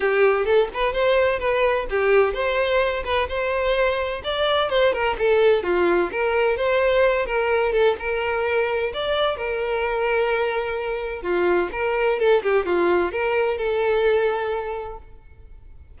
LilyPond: \new Staff \with { instrumentName = "violin" } { \time 4/4 \tempo 4 = 128 g'4 a'8 b'8 c''4 b'4 | g'4 c''4. b'8 c''4~ | c''4 d''4 c''8 ais'8 a'4 | f'4 ais'4 c''4. ais'8~ |
ais'8 a'8 ais'2 d''4 | ais'1 | f'4 ais'4 a'8 g'8 f'4 | ais'4 a'2. | }